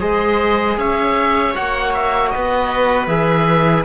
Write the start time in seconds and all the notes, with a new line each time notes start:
0.00 G#3 G#4 C5 D#5
0.78 C#4 C#5 E5
1.55 A#3 F#4 F#5
1.94 E5
2.30 B3 B4 D#5
3.07 E3 G#4 E5